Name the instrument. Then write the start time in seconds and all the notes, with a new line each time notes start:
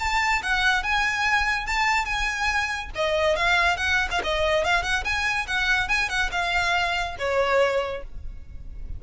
violin
0.00 A5
0.43 F#5
0.83 G#5
1.67 A5
2.06 G#5
2.96 D#5
3.36 F5
3.77 F#5
4.11 F5
4.24 D#5
4.65 F5
4.83 F#5
5.04 G#5
5.47 F#5
5.89 G#5
6.09 F#5
6.32 F5
7.19 C#5